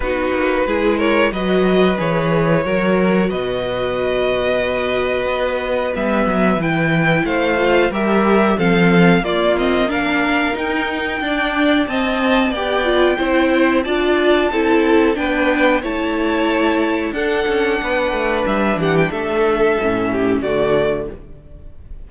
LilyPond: <<
  \new Staff \with { instrumentName = "violin" } { \time 4/4 \tempo 4 = 91 b'4. cis''8 dis''4 cis''4~ | cis''4 dis''2.~ | dis''4 e''4 g''4 f''4 | e''4 f''4 d''8 dis''8 f''4 |
g''2 a''4 g''4~ | g''4 a''2 g''4 | a''2 fis''2 | e''8 fis''16 g''16 e''2 d''4 | }
  \new Staff \with { instrumentName = "violin" } { \time 4/4 fis'4 gis'8 ais'8 b'2 | ais'4 b'2.~ | b'2. c''4 | ais'4 a'4 f'4 ais'4~ |
ais'4 d''4 dis''4 d''4 | c''4 d''4 a'4 b'4 | cis''2 a'4 b'4~ | b'8 g'8 a'4. g'8 fis'4 | }
  \new Staff \with { instrumentName = "viola" } { \time 4/4 dis'4 e'4 fis'4 gis'4 | fis'1~ | fis'4 b4 e'4. f'8 | g'4 c'4 ais8 c'8 d'4 |
dis'4 d'4 c'4 g'8 f'8 | e'4 f'4 e'4 d'4 | e'2 d'2~ | d'2 cis'4 a4 | }
  \new Staff \with { instrumentName = "cello" } { \time 4/4 b8 ais8 gis4 fis4 e4 | fis4 b,2. | b4 g8 fis8 e4 a4 | g4 f4 ais2 |
dis'4 d'4 c'4 b4 | c'4 d'4 c'4 b4 | a2 d'8 cis'8 b8 a8 | g8 e8 a4 a,4 d4 | }
>>